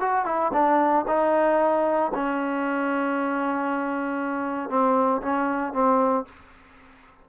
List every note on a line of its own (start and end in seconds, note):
0.00 0.25 F#4
0.25 0.51 E4
0.53 1.05 D4
1.07 2.11 D#4
2.14 4.69 C#4
4.69 5.21 C4
5.21 5.72 C#4
5.72 6.25 C4